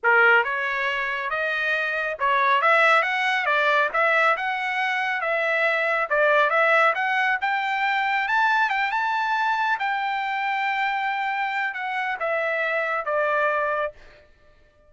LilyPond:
\new Staff \with { instrumentName = "trumpet" } { \time 4/4 \tempo 4 = 138 ais'4 cis''2 dis''4~ | dis''4 cis''4 e''4 fis''4 | d''4 e''4 fis''2 | e''2 d''4 e''4 |
fis''4 g''2 a''4 | g''8 a''2 g''4.~ | g''2. fis''4 | e''2 d''2 | }